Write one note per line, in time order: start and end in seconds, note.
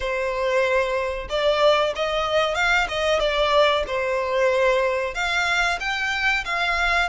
0.00 1.28 C5
1.29 1.93 D5
1.95 2.55 D#5
2.55 2.87 F5
2.88 3.19 D#5
3.19 3.84 D5
3.87 5.14 C5
5.14 5.79 F5
5.79 6.44 G5
6.45 7.09 F5